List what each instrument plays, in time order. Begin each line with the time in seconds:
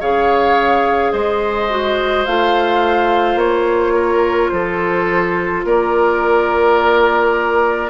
0.00 bassoon C#3, clarinet G#4, oboe C#5, flute F5
1.12 bassoon G#3, oboe C5, flute D#5
1.69 clarinet F#4
2.25 bassoon A3, clarinet F4, flute F5
3.35 bassoon A#3, flute C#5
3.94 oboe A#4
4.49 bassoon F3, oboe A4, flute C5
5.64 bassoon A#3, oboe A#4, flute D5